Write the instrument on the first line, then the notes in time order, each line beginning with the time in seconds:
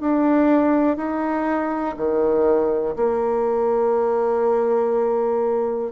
bassoon
0.00 D4
0.97 D#4
1.97 D#3
2.96 A#3